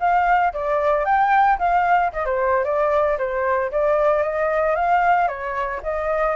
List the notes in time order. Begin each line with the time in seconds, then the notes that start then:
0.00 F5
0.54 D5
1.05 G5
1.59 F5
2.13 D#5
2.26 C5
2.65 D5
3.18 C5
3.72 D5
4.23 D#5
4.75 F5
5.28 C#5
5.83 D#5